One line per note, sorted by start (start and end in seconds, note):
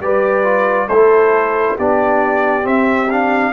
0.00 0.88 G3
0.00 0.44 G4
0.00 0.88 B4
0.00 0.88 D5
0.44 0.88 F4
0.88 1.78 A3
0.88 1.79 E4
0.88 1.77 A4
0.88 1.76 C5
1.77 2.66 B3
1.77 2.63 D4
1.77 3.53 G4
1.77 2.67 D5
2.63 3.07 C4
2.63 3.53 C4
2.63 3.10 E5
3.10 3.53 D4
3.10 3.53 F5